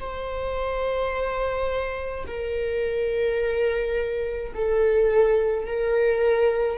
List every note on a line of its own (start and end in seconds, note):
0.00 2.26 C5
2.27 4.53 A#4
4.55 5.67 A4
5.67 6.79 A#4